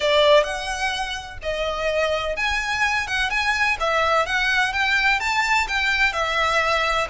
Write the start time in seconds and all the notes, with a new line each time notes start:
0.00 D5
0.43 F#5
1.42 D#5
2.36 G#5
3.07 F#5
3.30 G#5
3.79 E5
4.25 F#5
4.72 G5
5.19 A5
5.68 G5
6.12 E5